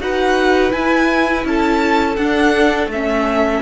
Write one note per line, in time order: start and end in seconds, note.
0.00 0.72 D#4
0.00 0.70 F#4
0.00 1.47 B4
0.00 0.72 F#5
0.70 2.15 E4
0.70 1.44 E4
0.70 1.44 G#5
1.44 2.17 C#4
1.44 3.61 A4
1.44 2.16 A5
2.16 2.87 D4
2.16 2.92 D4
2.16 2.88 F#5
2.87 3.59 A3
2.87 3.61 E5
2.93 3.61 C#4